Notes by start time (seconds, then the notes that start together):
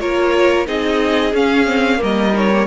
0.00 A#3 F4 A#4 C#5
0.66 C4 D#4 G#4 D#5
1.33 C#4 F5
1.66 C4
1.97 G3 A#3 A#4 D#5
2.33 D#4 C#5
2.53 A#3